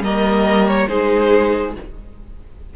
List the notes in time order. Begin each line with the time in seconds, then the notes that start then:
0.00 G3 A#3 A#4 D#5
0.68 C#5
0.88 G#3 D#4 G#4 C5